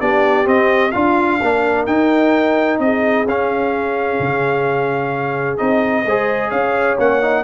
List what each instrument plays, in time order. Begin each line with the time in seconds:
0.00 tuba B3, trombone D4, horn G4, trumpet D5
0.45 trombone C4, tuba C4, trumpet D#5
0.91 tuba D4, horn F4, trombone F4, trumpet F5
1.41 tuba A#3, trombone D4, horn A#4
1.86 tuba D#4, trombone D#4, trumpet G5
2.79 tuba C4, horn G#4, trumpet D#5
3.25 tuba C#4, trombone C#4, trumpet F5
4.19 tuba C#3
5.57 tuba C4, trombone D#4, trumpet D#5
6.05 tuba G#3, trombone G#4, horn C5
6.49 tuba C#4, horn C#5, trumpet F5
6.98 tuba A#3, trombone C#4, trumpet F#5
7.21 trombone D#4